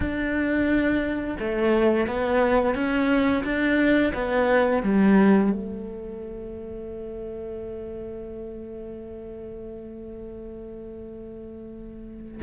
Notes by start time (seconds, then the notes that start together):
0.00 D4
1.39 A3
2.07 B3
2.74 C#4
3.44 D4
4.14 B3
4.82 G3
5.51 A3